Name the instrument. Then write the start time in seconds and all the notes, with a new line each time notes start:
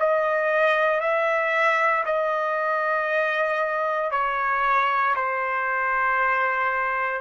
trumpet
0.00 D#5
1.01 E5
2.06 D#5
4.11 C#5
5.16 C5